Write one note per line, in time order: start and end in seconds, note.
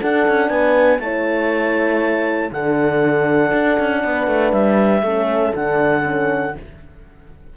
0.00 1.01 D4
0.00 0.27 D4
0.00 0.50 A4
0.00 0.49 F#5
0.28 0.49 C#4
0.49 0.99 B3
0.49 1.00 B4
0.49 0.99 G#5
0.99 2.50 A3
0.99 2.52 E4
0.99 2.53 C#5
0.99 2.50 A5
2.50 3.51 D3
2.50 5.04 D4
2.50 4.03 A4
2.50 4.52 F#5
3.52 3.78 D4
3.79 4.04 C#4
4.03 4.27 B3
4.03 5.04 B4
4.27 4.52 A3
4.52 5.02 G3
4.52 5.53 E5
5.02 5.52 A3
5.02 5.55 C#4
5.02 6.55 A4
5.55 6.56 D3
5.55 6.03 D4
5.55 6.56 F#5
6.03 6.53 C#4